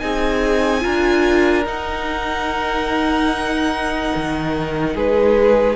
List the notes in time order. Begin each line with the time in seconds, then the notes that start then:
0.00 C4 D#4 G#4 G#5
0.81 D4 F4 A#4
1.66 D#4 F#5
4.16 D#3
4.95 G#3 G#4 B4